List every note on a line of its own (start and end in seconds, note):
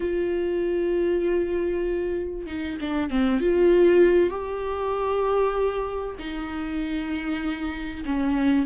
0.00 2.46 F4
2.46 2.77 D#4
2.80 3.10 D4
3.10 3.40 C4
3.40 4.30 F4
4.30 6.15 G4
6.18 8.04 D#4
8.05 8.66 C#4